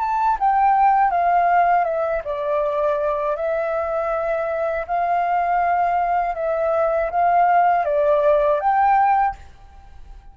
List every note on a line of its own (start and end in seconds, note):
0.00 0.38 A5
0.40 1.11 G5
1.11 1.85 F5
1.85 2.22 E5
2.25 3.36 D5
3.36 4.86 E5
4.88 6.36 F5
6.36 7.11 E5
7.11 7.85 F5
7.85 8.60 D5
8.60 9.35 G5